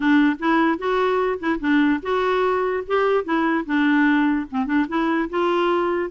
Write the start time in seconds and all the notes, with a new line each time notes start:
0.00 D4
0.39 E4
0.78 F#4
1.39 E4
1.60 D4
2.02 F#4
2.87 G4
3.24 E4
3.65 D4
4.50 C4
4.65 D4
4.88 E4
5.29 F4